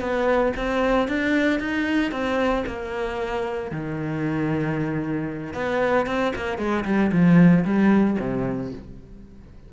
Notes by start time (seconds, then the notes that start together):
0.00 B3
0.56 C4
1.08 D4
1.59 D#4
2.11 C4
2.66 A#3
3.71 D#3
5.53 B3
6.06 C4
6.35 A#3
6.58 G#3
6.84 G3
7.11 F3
7.64 G3
8.19 C3